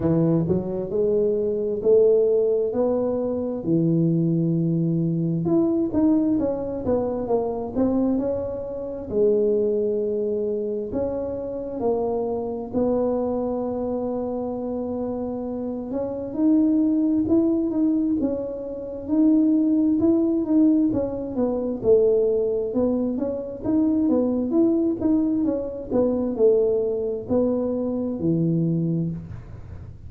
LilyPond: \new Staff \with { instrumentName = "tuba" } { \time 4/4 \tempo 4 = 66 e8 fis8 gis4 a4 b4 | e2 e'8 dis'8 cis'8 b8 | ais8 c'8 cis'4 gis2 | cis'4 ais4 b2~ |
b4. cis'8 dis'4 e'8 dis'8 | cis'4 dis'4 e'8 dis'8 cis'8 b8 | a4 b8 cis'8 dis'8 b8 e'8 dis'8 | cis'8 b8 a4 b4 e4 | }